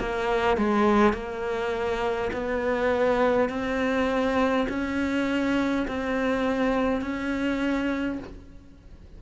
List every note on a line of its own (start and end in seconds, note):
0.00 0.58 A#3
0.58 1.13 G#3
1.13 2.31 A#3
2.33 3.49 B3
3.49 4.67 C4
4.69 5.87 C#4
5.88 7.02 C4
7.02 8.19 C#4